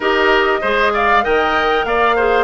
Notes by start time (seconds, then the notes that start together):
0.00 D#4 G4 A#4 D#5
0.61 G#3 G#4 C5
0.93 D5 F5
1.22 D#3 A#4 D#5 G5
1.84 A#3 D5 F5
2.16 G#4 C5